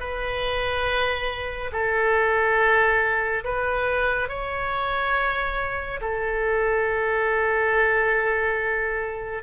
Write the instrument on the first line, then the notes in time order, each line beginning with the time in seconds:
oboe
0.00 B4
1.73 A4
3.44 B4
4.29 C#5
6.01 A4